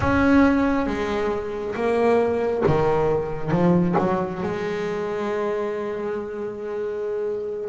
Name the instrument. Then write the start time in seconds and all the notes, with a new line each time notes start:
double bass
0.00 C#4
0.86 G#3
1.75 A#3
2.66 D#3
3.51 F3
3.98 F#3
4.42 G#3